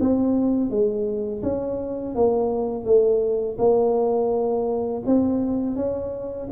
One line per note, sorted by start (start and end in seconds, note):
0.00 0.70 C4
0.70 1.42 G#3
1.43 2.15 C#4
2.15 2.85 A#3
2.85 3.57 A3
3.58 5.03 A#3
5.06 5.76 C4
5.76 6.48 C#4